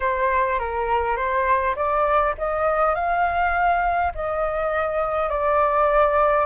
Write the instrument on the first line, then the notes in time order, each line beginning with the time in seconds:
flute
0.00 C5
0.59 A#4
1.16 C5
1.75 D5
2.38 D#5
2.94 F5
4.14 D#5
5.29 D5